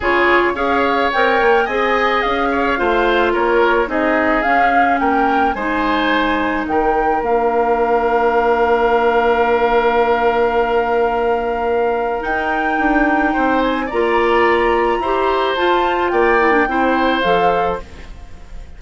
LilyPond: <<
  \new Staff \with { instrumentName = "flute" } { \time 4/4 \tempo 4 = 108 cis''4 f''4 g''4 gis''4 | f''2 cis''4 dis''4 | f''4 g''4 gis''2 | g''4 f''2.~ |
f''1~ | f''2 g''2~ | g''8 gis''8 ais''2. | a''4 g''2 f''4 | }
  \new Staff \with { instrumentName = "oboe" } { \time 4/4 gis'4 cis''2 dis''4~ | dis''8 cis''8 c''4 ais'4 gis'4~ | gis'4 ais'4 c''2 | ais'1~ |
ais'1~ | ais'1 | c''4 d''2 c''4~ | c''4 d''4 c''2 | }
  \new Staff \with { instrumentName = "clarinet" } { \time 4/4 f'4 gis'4 ais'4 gis'4~ | gis'4 f'2 dis'4 | cis'2 dis'2~ | dis'4 d'2.~ |
d'1~ | d'2 dis'2~ | dis'4 f'2 g'4 | f'4. e'16 d'16 e'4 a'4 | }
  \new Staff \with { instrumentName = "bassoon" } { \time 4/4 cis4 cis'4 c'8 ais8 c'4 | cis'4 a4 ais4 c'4 | cis'4 ais4 gis2 | dis4 ais2.~ |
ais1~ | ais2 dis'4 d'4 | c'4 ais2 e'4 | f'4 ais4 c'4 f4 | }
>>